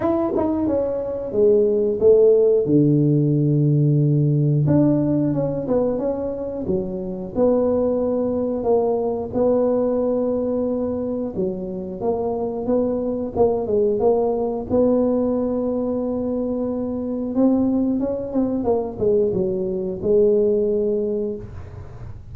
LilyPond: \new Staff \with { instrumentName = "tuba" } { \time 4/4 \tempo 4 = 90 e'8 dis'8 cis'4 gis4 a4 | d2. d'4 | cis'8 b8 cis'4 fis4 b4~ | b4 ais4 b2~ |
b4 fis4 ais4 b4 | ais8 gis8 ais4 b2~ | b2 c'4 cis'8 c'8 | ais8 gis8 fis4 gis2 | }